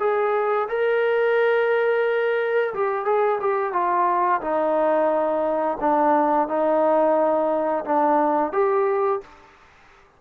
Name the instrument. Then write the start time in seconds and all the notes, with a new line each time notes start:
trombone
0.00 G#4
0.69 A#4
2.74 G4
3.05 G#4
3.41 G4
3.73 F4
4.41 D#4
5.80 D4
6.48 D#4
7.85 D4
8.53 G4